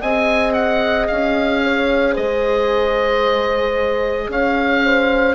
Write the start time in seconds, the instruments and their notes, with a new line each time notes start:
0.00 bassoon C4, viola G#4, horn D#5, oboe G#5
0.53 oboe F#5
1.07 bassoon C#4, oboe F5
1.64 horn C#5
2.13 bassoon G#3, horn C5, oboe D#5
4.28 bassoon C#4, horn C#5, oboe F5
4.84 horn C5